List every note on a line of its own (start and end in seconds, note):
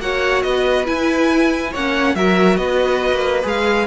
0.00 0.43 A#3
0.00 0.86 F#4
0.00 0.46 C#5
0.00 0.43 F#5
0.43 0.88 B3
0.43 1.71 B4
0.43 0.86 D#5
0.86 1.72 E4
0.86 1.75 E4
0.86 1.74 G#5
1.71 2.15 A#3
1.71 2.17 C#4
1.71 2.15 C#5
1.71 2.16 F#5
2.15 2.58 F#3
2.15 3.43 F#4
2.15 2.60 A#4
2.15 2.57 E5
2.57 3.12 B3
2.57 3.87 B4
2.57 3.44 D#5
3.12 3.44 A#3
3.43 3.87 G#3
3.43 3.86 G#4
3.43 3.87 F5